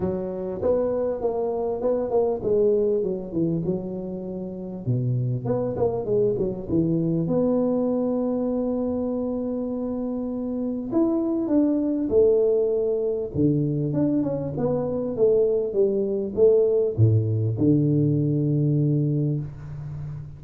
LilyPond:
\new Staff \with { instrumentName = "tuba" } { \time 4/4 \tempo 4 = 99 fis4 b4 ais4 b8 ais8 | gis4 fis8 e8 fis2 | b,4 b8 ais8 gis8 fis8 e4 | b1~ |
b2 e'4 d'4 | a2 d4 d'8 cis'8 | b4 a4 g4 a4 | a,4 d2. | }